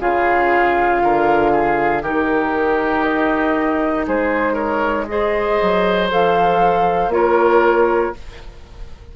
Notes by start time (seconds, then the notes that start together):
0.00 C#3 F4 G#4 F5
1.03 D3 A#4
1.52 G#4
2.03 D#3 D#4 G4 A#4
3.04 D#5
4.07 G#3 G#4 C5
4.54 A#4 C#5
5.08 G#4 C5 D#5
5.62 F#3
6.10 F3 A4 F5
7.08 A#3 F4 C#5
7.14 A#4